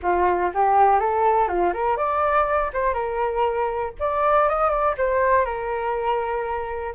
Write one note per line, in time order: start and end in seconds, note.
0.02 0.52 F4
0.53 0.99 G4
0.99 1.47 A4
1.47 1.72 F4
1.73 1.97 A#4
1.97 2.71 D5
2.73 2.93 C5
2.93 3.93 A#4
3.99 4.48 D5
4.48 4.70 D#5
4.70 4.95 D5
4.97 5.45 C5
5.45 6.94 A#4